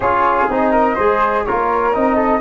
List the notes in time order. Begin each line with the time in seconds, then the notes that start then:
0.00 C#4 F4 G#4 C#5
0.49 C4 D#4 D#5
0.71 A#4
0.95 G#3 G#4 C5
1.44 A#3 F4 A#4 C#5
1.93 C4 D#4 D#5
2.15 A4